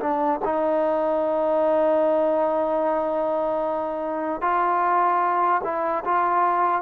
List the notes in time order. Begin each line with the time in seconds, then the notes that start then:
0.00 D4
0.45 D#4
4.42 F4
5.64 E4
6.05 F4